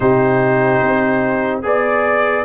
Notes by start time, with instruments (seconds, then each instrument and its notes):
0.00 tuba C3, trombone D#4, horn G4, trumpet C5
0.82 tuba C4
1.62 tuba B3, trombone G#4, horn D5, trumpet D5